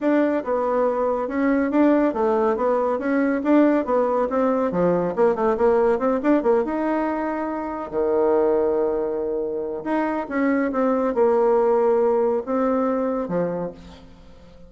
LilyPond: \new Staff \with { instrumentName = "bassoon" } { \time 4/4 \tempo 4 = 140 d'4 b2 cis'4 | d'4 a4 b4 cis'4 | d'4 b4 c'4 f4 | ais8 a8 ais4 c'8 d'8 ais8 dis'8~ |
dis'2~ dis'8 dis4.~ | dis2. dis'4 | cis'4 c'4 ais2~ | ais4 c'2 f4 | }